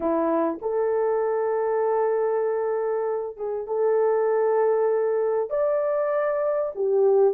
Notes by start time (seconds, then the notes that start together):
0.00 E4
0.61 A4
3.36 G#4
3.67 A4
5.50 D5
6.75 G4